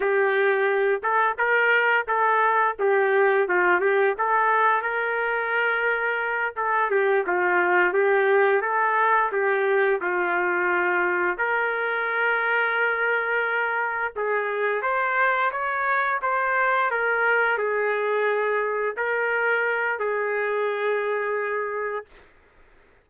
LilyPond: \new Staff \with { instrumentName = "trumpet" } { \time 4/4 \tempo 4 = 87 g'4. a'8 ais'4 a'4 | g'4 f'8 g'8 a'4 ais'4~ | ais'4. a'8 g'8 f'4 g'8~ | g'8 a'4 g'4 f'4.~ |
f'8 ais'2.~ ais'8~ | ais'8 gis'4 c''4 cis''4 c''8~ | c''8 ais'4 gis'2 ais'8~ | ais'4 gis'2. | }